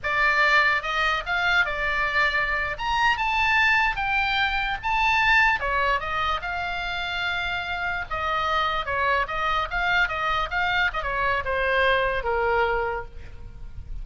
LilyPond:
\new Staff \with { instrumentName = "oboe" } { \time 4/4 \tempo 4 = 147 d''2 dis''4 f''4 | d''2~ d''8. ais''4 a''16~ | a''4.~ a''16 g''2 a''16~ | a''4.~ a''16 cis''4 dis''4 f''16~ |
f''2.~ f''8. dis''16~ | dis''4.~ dis''16 cis''4 dis''4 f''16~ | f''8. dis''4 f''4 dis''16 cis''4 | c''2 ais'2 | }